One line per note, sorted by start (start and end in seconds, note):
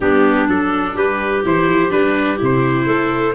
0.00 0.48 G3
0.00 0.47 B3
0.00 0.94 D4
0.00 0.48 G4
0.47 0.94 F#3
0.47 1.43 D4
0.47 0.96 A4
0.94 1.42 G3
0.94 2.85 G4
0.94 1.45 B4
1.45 1.66 E3
1.45 1.90 E4
1.45 1.91 C5
1.66 1.90 F3
1.90 2.40 G3
1.90 2.37 D4
1.90 2.39 B4
2.37 2.87 C3
2.37 3.33 E4
2.44 3.34 C5
2.85 3.34 A3
2.85 3.33 A4